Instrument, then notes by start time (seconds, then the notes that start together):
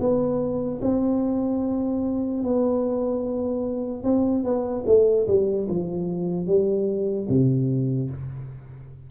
tuba
0.00 B3
0.82 C4
2.44 B3
4.04 C4
4.44 B3
4.87 A3
5.28 G3
5.69 F3
6.47 G3
7.29 C3